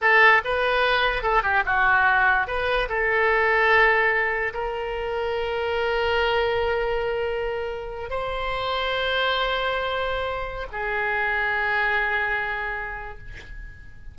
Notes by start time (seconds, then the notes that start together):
0.01 A4
0.44 B4
1.23 A4
1.42 G4
1.65 F#4
2.47 B4
2.88 A4
4.53 A#4
8.10 C5
10.71 G#4